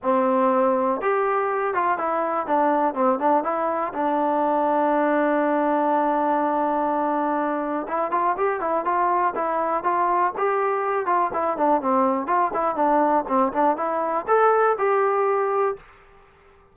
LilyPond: \new Staff \with { instrumentName = "trombone" } { \time 4/4 \tempo 4 = 122 c'2 g'4. f'8 | e'4 d'4 c'8 d'8 e'4 | d'1~ | d'1 |
e'8 f'8 g'8 e'8 f'4 e'4 | f'4 g'4. f'8 e'8 d'8 | c'4 f'8 e'8 d'4 c'8 d'8 | e'4 a'4 g'2 | }